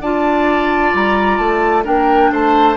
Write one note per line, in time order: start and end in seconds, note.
0.00 0.92 D4
0.00 1.84 F4
0.00 1.84 D5
0.00 0.94 A5
0.94 1.38 G3
0.94 1.37 A#5
1.37 1.84 A3
1.37 1.83 A5
1.84 2.30 A#3
1.84 2.76 D4
1.84 2.30 A#4
1.84 2.32 G5
2.30 2.76 A3
2.30 2.76 C5
2.30 2.76 A5